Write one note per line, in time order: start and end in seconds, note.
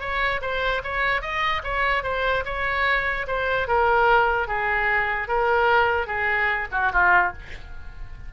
0.00 0.41 C#5
0.41 0.82 C5
0.84 1.21 C#5
1.21 1.62 D#5
1.64 2.03 C#5
2.03 2.44 C5
2.45 3.26 C#5
3.27 3.67 C5
3.67 4.48 A#4
4.48 5.28 G#4
5.28 6.07 A#4
6.07 6.67 G#4
6.72 6.92 F#4
6.92 7.33 F4